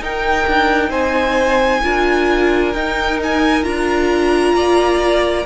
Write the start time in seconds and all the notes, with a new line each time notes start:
0.00 D#4 A#4 G5
0.47 D4
0.90 C4 C5 G#5
1.83 D4 F4 A#4
2.73 D#4 G5
3.23 G#5
3.64 D4 F4 A#5
4.54 A#3 D5